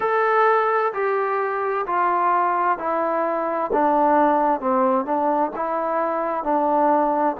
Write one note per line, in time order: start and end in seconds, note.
0.00 0.92 A4
0.93 1.85 G4
1.86 2.78 F4
2.78 3.70 E4
3.73 4.60 D4
4.60 5.05 C4
5.05 5.51 D4
5.56 6.43 E4
6.43 7.36 D4